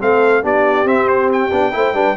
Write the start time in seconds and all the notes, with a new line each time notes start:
0.00 A3 C4 A4 F5
0.42 B3 D4 G4 D5
0.84 C4 E5
1.08 C5
1.32 G5
1.52 B3 D4
1.72 A3 E4 C5
1.93 G3 D4 B4